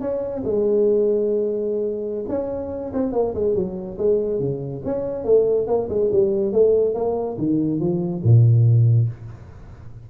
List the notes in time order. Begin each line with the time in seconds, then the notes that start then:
0.00 C#4
0.44 G#3
2.28 C#4
2.93 C4
3.12 A#3
3.34 G#3
3.54 F#3
3.98 G#3
4.39 C#3
4.85 C#4
5.24 A3
5.67 A#3
5.89 G#3
6.12 G3
6.52 A3
6.94 A#3
7.38 D#3
7.79 F3
8.23 A#2